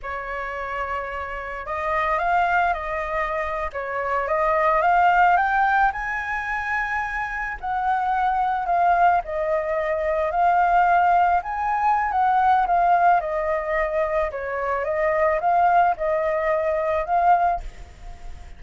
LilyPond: \new Staff \with { instrumentName = "flute" } { \time 4/4 \tempo 4 = 109 cis''2. dis''4 | f''4 dis''4.~ dis''16 cis''4 dis''16~ | dis''8. f''4 g''4 gis''4~ gis''16~ | gis''4.~ gis''16 fis''2 f''16~ |
f''8. dis''2 f''4~ f''16~ | f''8. gis''4~ gis''16 fis''4 f''4 | dis''2 cis''4 dis''4 | f''4 dis''2 f''4 | }